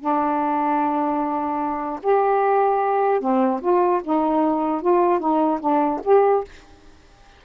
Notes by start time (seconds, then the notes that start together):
0.00 D4
2.03 G4
3.21 C4
3.62 F4
4.04 D#4
4.82 F4
5.20 D#4
5.61 D4
6.05 G4